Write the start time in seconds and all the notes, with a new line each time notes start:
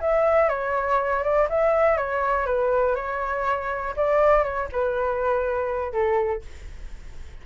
0.00 E5
0.49 C#5
1.23 D5
1.49 E5
1.97 C#5
2.46 B4
2.95 C#5
3.96 D5
4.43 C#5
4.72 B4
5.92 A4